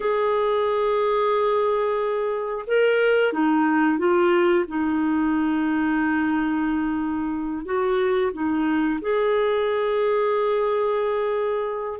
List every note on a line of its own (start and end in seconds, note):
0.00 2.65 G#4
2.66 3.32 A#4
3.32 3.98 D#4
3.98 4.65 F4
4.67 7.65 D#4
7.65 8.32 F#4
8.32 8.99 D#4
9.01 11.99 G#4